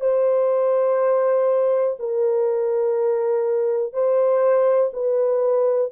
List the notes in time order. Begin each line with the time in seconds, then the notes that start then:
0.00 C5
1.99 A#4
3.93 C5
4.93 B4